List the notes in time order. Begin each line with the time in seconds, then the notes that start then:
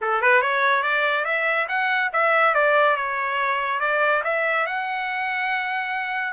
0.01 A4
0.21 B4
0.41 C#5
0.82 D5
1.25 E5
1.68 F#5
2.12 E5
2.54 D5
2.96 C#5
3.80 D5
4.24 E5
4.66 F#5